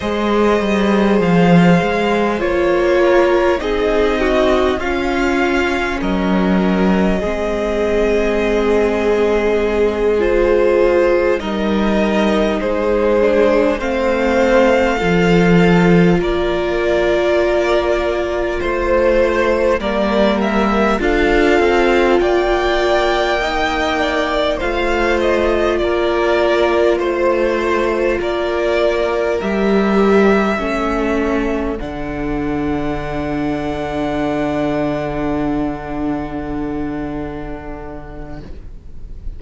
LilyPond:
<<
  \new Staff \with { instrumentName = "violin" } { \time 4/4 \tempo 4 = 50 dis''4 f''4 cis''4 dis''4 | f''4 dis''2.~ | dis''8 c''4 dis''4 c''4 f''8~ | f''4. d''2 c''8~ |
c''8 d''8 e''8 f''4 g''4.~ | g''8 f''8 dis''8 d''4 c''4 d''8~ | d''8 e''2 fis''4.~ | fis''1 | }
  \new Staff \with { instrumentName = "violin" } { \time 4/4 c''2~ c''8 ais'8 gis'8 fis'8 | f'4 ais'4 gis'2~ | gis'4. ais'4 gis'4 c''8~ | c''8 a'4 ais'2 c''8~ |
c''8 ais'4 a'4 d''4 dis''8 | d''8 c''4 ais'4 c''4 ais'8~ | ais'4. a'2~ a'8~ | a'1 | }
  \new Staff \with { instrumentName = "viola" } { \time 4/4 gis'2 f'4 dis'4 | cis'2 c'2~ | c'8 f'4 dis'4. d'8 c'8~ | c'8 f'2.~ f'8~ |
f'8 ais4 f'2 dis'8~ | dis'8 f'2.~ f'8~ | f'8 g'4 cis'4 d'4.~ | d'1 | }
  \new Staff \with { instrumentName = "cello" } { \time 4/4 gis8 g8 f8 gis8 ais4 c'4 | cis'4 fis4 gis2~ | gis4. g4 gis4 a8~ | a8 f4 ais2 a8~ |
a8 g4 d'8 c'8 ais4.~ | ais8 a4 ais4 a4 ais8~ | ais8 g4 a4 d4.~ | d1 | }
>>